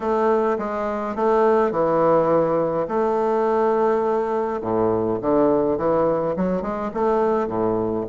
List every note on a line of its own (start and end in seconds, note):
0.00 0.57 A3
0.58 1.15 G#3
1.15 1.71 A3
1.71 2.86 E3
2.87 4.60 A3
4.61 5.18 A2
5.21 5.77 D3
5.77 6.35 E3
6.36 6.62 F#3
6.62 6.90 G#3
6.94 7.47 A3
7.47 8.05 A2